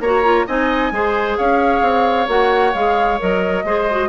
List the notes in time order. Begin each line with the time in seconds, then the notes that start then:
0.00 A#3 F#4 C#5 A#5
0.24 F4
0.47 C4 D#4 D#5 G#5
0.92 G#3 G#4 C5
1.37 C#4 C#5 F5
1.82 C4
2.27 A#3 F#4 F#5
2.74 G#3 G#4 F5
3.19 F#3 A#4 D#5
3.64 G#3 G#4 C5
3.91 F#4